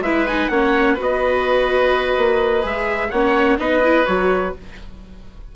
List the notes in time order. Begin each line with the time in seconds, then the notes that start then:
0.00 G#3 E4 B4 E5
0.27 D#4 G#5
0.48 A#3 C#4 C#5 F#5
0.94 B3 F#4 B4
1.02 D#5
2.17 A#3
2.62 G#3 G#4 E5
3.10 A#3 C#4 C#5 F#5
3.58 B3 D#4 B4 D#5
3.84 E4
4.05 F#3 F#4 C#5